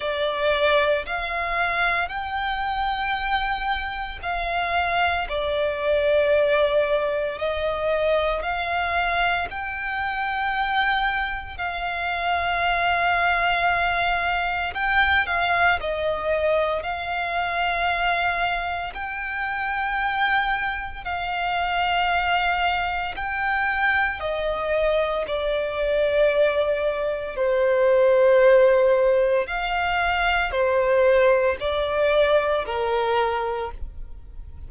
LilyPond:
\new Staff \with { instrumentName = "violin" } { \time 4/4 \tempo 4 = 57 d''4 f''4 g''2 | f''4 d''2 dis''4 | f''4 g''2 f''4~ | f''2 g''8 f''8 dis''4 |
f''2 g''2 | f''2 g''4 dis''4 | d''2 c''2 | f''4 c''4 d''4 ais'4 | }